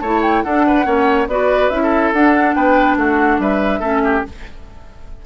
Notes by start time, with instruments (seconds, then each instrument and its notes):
0.00 bassoon A3, clarinet E4, oboe C#5, flute A5
0.23 flute G5
0.43 bassoon D4, clarinet D4, oboe A4, flute F#5
0.67 oboe B4
0.85 bassoon A#3, clarinet C#4, oboe C#5
1.28 bassoon B3, clarinet F#4, oboe B4, flute D5
1.70 bassoon C#4, clarinet E4, flute E5
1.83 oboe A4
2.13 bassoon D4, clarinet D4, flute F#5
2.55 bassoon B3, oboe B4, flute G5
2.97 bassoon A3, oboe F#4, flute F#5
3.39 bassoon G3, oboe B4, flute E5
3.80 bassoon A3, clarinet C#4, oboe A4
4.05 oboe G4